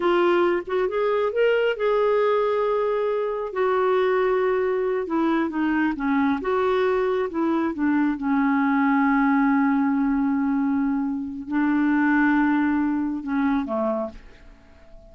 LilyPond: \new Staff \with { instrumentName = "clarinet" } { \time 4/4 \tempo 4 = 136 f'4. fis'8 gis'4 ais'4 | gis'1 | fis'2.~ fis'8 e'8~ | e'8 dis'4 cis'4 fis'4.~ |
fis'8 e'4 d'4 cis'4.~ | cis'1~ | cis'2 d'2~ | d'2 cis'4 a4 | }